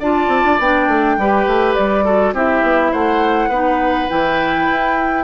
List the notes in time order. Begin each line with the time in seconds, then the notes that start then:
0.00 D4 F4 D5 A5
0.28 C4
0.44 D4
0.59 B3 D4 G5
0.88 A3
1.17 G3 G4 B4
1.47 A3
1.75 G3 D5
2.05 F#4 A4
2.33 C4 E4 G4 E5
2.62 B3
2.92 A3 C5 F#5
3.49 B3 D#4 B4
4.09 E3 E4 G5
4.71 E4